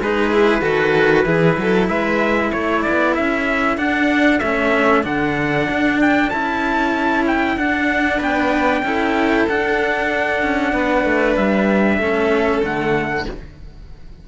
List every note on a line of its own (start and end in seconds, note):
0.00 0.62 G#3
0.00 0.32 D#4
0.00 0.62 G#4
0.00 1.88 B4
0.32 0.61 E4
0.61 1.25 D#3
0.61 1.25 F#4
0.61 1.25 A4
1.25 1.57 E3
1.25 3.77 E4
1.25 1.57 G#4
1.57 1.88 F#3
1.57 1.89 A4
1.88 2.51 G#3
1.88 2.52 B4
1.88 2.51 E5
2.52 2.85 A3
2.52 8.17 A4
2.52 2.82 C#5
2.82 3.14 D5
2.89 3.18 B3
3.14 3.77 C#4
3.14 3.77 E5
3.77 4.40 D4
3.77 4.41 D4
3.77 4.39 F#5
4.39 5.05 A3
4.39 5.03 C#4
4.39 5.02 E5
5.03 5.68 D3
5.03 6.29 D4
5.03 6.00 F#5
5.70 6.33 D4
6.01 6.29 G5
6.29 7.56 C#4
6.29 7.57 E4
6.29 7.24 A5
7.27 7.58 G5
7.56 8.19 D4
7.56 8.84 D4
7.56 8.21 F#5
8.17 8.83 B3
8.17 8.81 B4
8.17 9.48 G5
8.83 9.46 C#4
8.83 9.48 E4
8.83 10.73 A4
9.48 10.42 D4
9.48 12.01 D4
9.48 11.36 F#5
10.42 10.73 C#4
10.73 11.04 B3
10.73 11.99 B4
11.04 11.36 A3
11.36 11.98 G3
11.36 12.62 E5
11.98 12.61 A3
11.98 12.62 C#4
11.98 13.26 A4
12.62 13.26 D3
12.62 13.26 A3
12.62 13.28 F#5